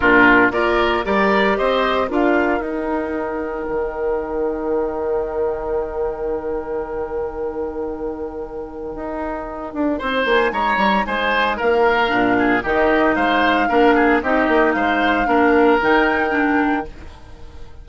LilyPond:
<<
  \new Staff \with { instrumentName = "flute" } { \time 4/4 \tempo 4 = 114 ais'4 d''4 ais'4 dis''4 | f''4 g''2.~ | g''1~ | g''1~ |
g''2.~ g''8 gis''8 | ais''4 gis''4 f''2 | dis''4 f''2 dis''4 | f''2 g''2 | }
  \new Staff \with { instrumentName = "oboe" } { \time 4/4 f'4 ais'4 d''4 c''4 | ais'1~ | ais'1~ | ais'1~ |
ais'2. c''4 | cis''4 c''4 ais'4. gis'8 | g'4 c''4 ais'8 gis'8 g'4 | c''4 ais'2. | }
  \new Staff \with { instrumentName = "clarinet" } { \time 4/4 d'4 f'4 g'2 | f'4 dis'2.~ | dis'1~ | dis'1~ |
dis'1~ | dis'2. d'4 | dis'2 d'4 dis'4~ | dis'4 d'4 dis'4 d'4 | }
  \new Staff \with { instrumentName = "bassoon" } { \time 4/4 ais,4 ais4 g4 c'4 | d'4 dis'2 dis4~ | dis1~ | dis1~ |
dis4 dis'4. d'8 c'8 ais8 | gis8 g8 gis4 ais4 ais,4 | dis4 gis4 ais4 c'8 ais8 | gis4 ais4 dis2 | }
>>